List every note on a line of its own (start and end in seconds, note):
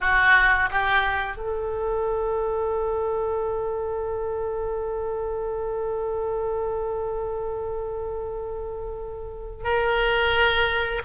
0.00 0.69 F#4
0.70 1.36 G4
1.36 9.64 A4
9.64 11.02 A#4